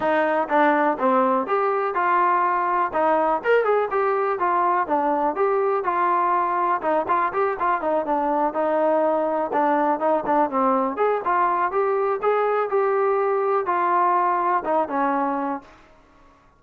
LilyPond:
\new Staff \with { instrumentName = "trombone" } { \time 4/4 \tempo 4 = 123 dis'4 d'4 c'4 g'4 | f'2 dis'4 ais'8 gis'8 | g'4 f'4 d'4 g'4 | f'2 dis'8 f'8 g'8 f'8 |
dis'8 d'4 dis'2 d'8~ | d'8 dis'8 d'8 c'4 gis'8 f'4 | g'4 gis'4 g'2 | f'2 dis'8 cis'4. | }